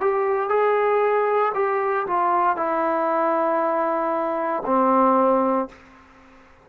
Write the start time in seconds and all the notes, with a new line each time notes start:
0.00 G4
0.49 G#4
1.54 G4
2.06 F4
2.56 E4
4.65 C4